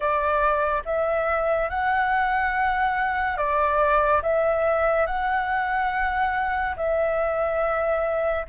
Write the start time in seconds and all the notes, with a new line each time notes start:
0.00 D5
0.85 E5
1.69 F#5
3.37 D5
4.22 E5
5.06 F#5
6.76 E5